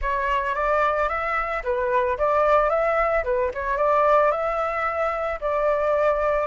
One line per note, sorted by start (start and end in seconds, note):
0.01 0.54 C#5
0.54 1.08 D5
1.08 1.62 E5
1.63 2.17 B4
2.17 2.69 D5
2.69 3.23 E5
3.24 3.51 B4
3.54 3.77 C#5
3.77 4.31 D5
4.31 5.39 E5
5.40 6.47 D5